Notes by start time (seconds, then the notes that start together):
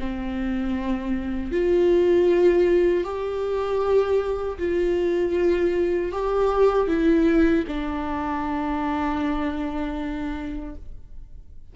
0.00 C4
1.52 F4
3.04 G4
4.58 F4
6.12 G4
6.88 E4
7.67 D4